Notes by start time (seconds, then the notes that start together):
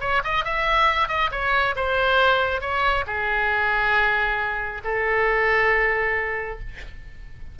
0.00 C#5
0.24 D#5
0.44 E5
1.08 D#5
1.31 C#5
1.76 C5
2.61 C#5
3.07 G#4
4.84 A4